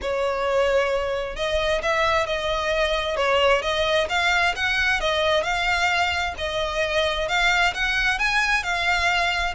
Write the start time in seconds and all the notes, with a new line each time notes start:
0.01 C#5
1.36 D#5
1.82 E5
2.26 D#5
3.16 C#5
3.62 D#5
4.09 F5
4.55 F#5
5.00 D#5
5.43 F5
6.37 D#5
7.28 F5
7.74 F#5
8.18 G#5
8.63 F5